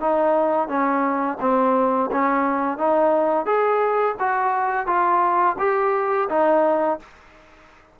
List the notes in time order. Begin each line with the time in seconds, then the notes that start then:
0.00 D#4
0.68 C#4
1.40 C4
2.11 C#4
2.77 D#4
3.45 G#4
4.19 F#4
4.86 F4
5.58 G4
6.29 D#4